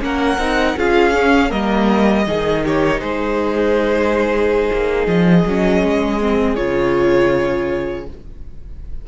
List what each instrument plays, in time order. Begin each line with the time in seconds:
0.00 cello A#3, viola C#4, violin A#4 F#5
0.37 cello C4, viola D#4
0.76 cello C#4, viola F4, violin G#4 F5
1.13 viola C#4
1.49 cello G3, viola A#3, violin A#4 D#5
2.26 cello D#3, viola D#4, violin G#4
2.65 violin G4 C#5
3.00 cello G#3, violin G#4 C5
4.72 cello A#3
5.07 cello F3, violin D#5
5.46 cello F#3, viola C#4
5.83 cello G#3
6.21 viola C4
6.55 cello C#3, viola F4, violin C#5